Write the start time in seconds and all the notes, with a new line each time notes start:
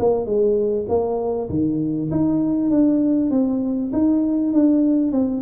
0.00 A#3
0.26 G#3
0.89 A#3
1.50 D#3
2.11 D#4
2.71 D4
3.31 C4
3.93 D#4
4.53 D4
5.12 C4